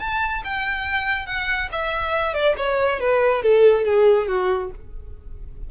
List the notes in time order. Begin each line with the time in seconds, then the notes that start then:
0.00 A5
0.45 G5
1.27 F#5
1.72 E5
2.34 D5
2.58 C#5
3.00 B4
3.43 A4
3.85 G#4
4.28 F#4